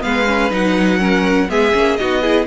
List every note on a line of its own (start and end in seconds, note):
0.00 0.51 G#3
0.00 0.24 B3
0.00 0.99 B4
0.00 0.51 F5
0.27 0.50 C#4
0.50 1.48 F#3
0.50 0.99 D#4
0.50 1.50 F#5
0.99 1.48 C#4
0.99 1.48 A#4
1.49 1.74 G#3
1.49 1.73 B3
1.49 1.99 G#4
1.49 1.96 E5
1.73 1.99 A#3
1.73 1.97 C#4
1.96 2.47 B3
1.96 2.22 D#4
1.96 2.21 F#4
1.96 2.45 D#5
2.21 2.47 E4
2.21 2.46 G#4